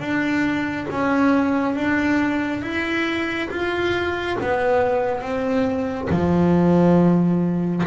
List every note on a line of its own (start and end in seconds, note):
0.00 0.87 D4
0.91 1.76 C#4
1.76 2.62 D4
2.62 3.49 E4
3.51 4.38 F4
4.41 5.21 B3
5.21 6.08 C4
6.10 7.84 F3